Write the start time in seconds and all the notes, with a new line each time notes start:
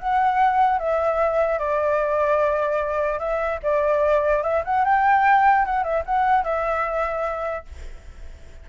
0.00 F#5
0.79 E5
1.59 D5
3.20 E5
3.63 D5
4.43 E5
4.65 F#5
4.85 G5
5.66 F#5
5.84 E5
6.06 F#5
6.45 E5